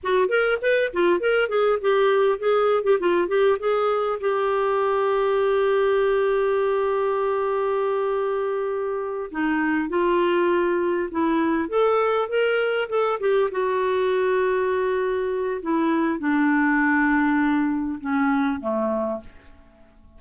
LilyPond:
\new Staff \with { instrumentName = "clarinet" } { \time 4/4 \tempo 4 = 100 fis'8 ais'8 b'8 f'8 ais'8 gis'8 g'4 | gis'8. g'16 f'8 g'8 gis'4 g'4~ | g'1~ | g'2.~ g'8 dis'8~ |
dis'8 f'2 e'4 a'8~ | a'8 ais'4 a'8 g'8 fis'4.~ | fis'2 e'4 d'4~ | d'2 cis'4 a4 | }